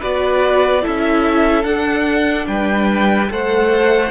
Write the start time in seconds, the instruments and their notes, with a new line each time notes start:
0.00 cello B3, viola F#4, violin B4 D5
0.82 cello C#4, viola E4, violin A4 E5
1.64 viola D4, cello D4, violin F#5
2.47 cello G3, violin B4 G5
3.29 cello A3, viola A4, violin C5 F#5